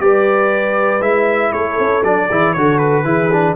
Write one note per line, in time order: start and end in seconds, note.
0.00 1.00 G3
0.00 1.01 G4
0.00 1.53 B4
0.00 1.02 D5
1.00 1.51 G#3
1.00 2.02 E4
1.00 1.52 E5
1.52 1.78 A3
1.52 2.28 A4
1.52 2.03 C#5
1.78 2.03 C#4
2.03 2.29 F#3
2.03 2.29 D4
2.03 2.53 D5
2.28 2.56 E3
2.28 2.56 E4
2.28 2.53 G#4
2.53 3.04 D3
2.53 3.04 F#4
2.53 3.05 A4
2.53 2.78 C#5
2.78 3.54 B4
3.04 3.55 E3
3.04 3.30 E4
3.04 3.56 G#4
3.32 3.56 D4